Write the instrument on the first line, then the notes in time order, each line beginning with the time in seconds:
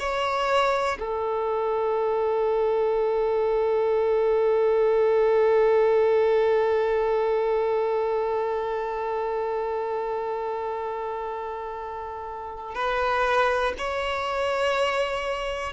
violin
0.00 C#5
1.00 A4
12.76 B4
13.79 C#5